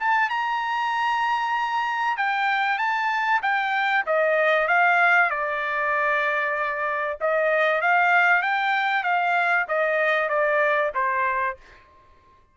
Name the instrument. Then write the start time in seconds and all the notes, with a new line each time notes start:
trumpet
0.00 A5
0.30 A#5
2.17 G5
2.78 A5
3.43 G5
4.07 D#5
4.68 F5
5.31 D5
7.21 D#5
7.82 F5
8.43 G5
9.04 F5
9.68 D#5
10.29 D5
10.95 C5